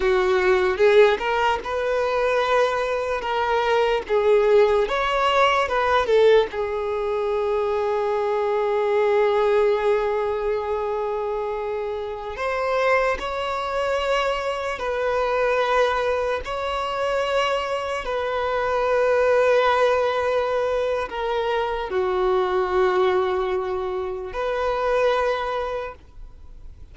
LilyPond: \new Staff \with { instrumentName = "violin" } { \time 4/4 \tempo 4 = 74 fis'4 gis'8 ais'8 b'2 | ais'4 gis'4 cis''4 b'8 a'8 | gis'1~ | gis'2.~ gis'16 c''8.~ |
c''16 cis''2 b'4.~ b'16~ | b'16 cis''2 b'4.~ b'16~ | b'2 ais'4 fis'4~ | fis'2 b'2 | }